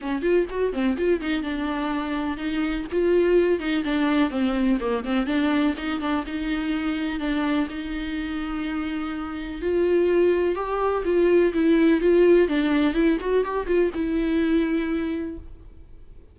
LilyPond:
\new Staff \with { instrumentName = "viola" } { \time 4/4 \tempo 4 = 125 cis'8 f'8 fis'8 c'8 f'8 dis'8 d'4~ | d'4 dis'4 f'4. dis'8 | d'4 c'4 ais8 c'8 d'4 | dis'8 d'8 dis'2 d'4 |
dis'1 | f'2 g'4 f'4 | e'4 f'4 d'4 e'8 fis'8 | g'8 f'8 e'2. | }